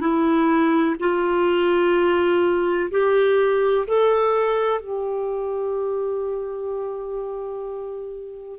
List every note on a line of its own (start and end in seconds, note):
0.00 0.95 E4
0.99 2.90 F4
2.90 3.86 G4
3.87 4.80 A4
4.80 8.59 G4